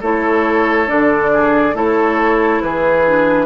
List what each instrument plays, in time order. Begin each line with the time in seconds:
0.00 bassoon A3, clarinet E4, oboe A4, flute C#5
0.86 bassoon D3, clarinet D4, flute D5
1.33 oboe G#4
1.74 bassoon A3, clarinet E4, oboe A4, flute C#5
2.62 bassoon E3, oboe G#4, flute B4
3.06 clarinet D4